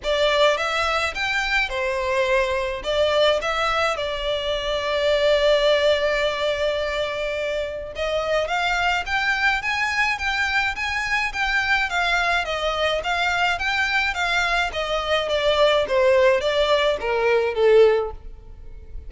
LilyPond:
\new Staff \with { instrumentName = "violin" } { \time 4/4 \tempo 4 = 106 d''4 e''4 g''4 c''4~ | c''4 d''4 e''4 d''4~ | d''1~ | d''2 dis''4 f''4 |
g''4 gis''4 g''4 gis''4 | g''4 f''4 dis''4 f''4 | g''4 f''4 dis''4 d''4 | c''4 d''4 ais'4 a'4 | }